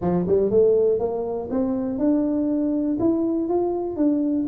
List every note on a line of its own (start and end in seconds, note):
0.01 0.26 F3
0.27 0.50 G3
0.50 0.99 A3
0.99 1.48 A#3
1.50 1.98 C4
1.98 2.97 D4
2.99 3.48 E4
3.48 3.96 F4
3.96 4.46 D4